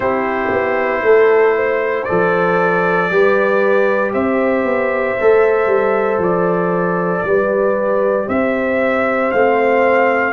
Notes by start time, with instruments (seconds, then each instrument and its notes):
0.00 tuba C4, trombone E4, horn G4, trumpet C5
0.50 tuba B3
1.02 tuba A3, horn A4
1.55 horn C5
2.03 trombone A4, trumpet D5
2.10 tuba F3
3.10 tuba G3, trombone G4, horn B4
4.13 tuba C4, horn C5, trumpet E5
4.64 tuba B3
5.20 tuba A3, trombone A4
5.66 tuba G3
6.18 tuba F3, trumpet D5
7.23 tuba G3, trombone G4, horn B4
8.26 tuba C4, horn C5, trumpet E5
9.31 tuba A3, trombone C4, trumpet F5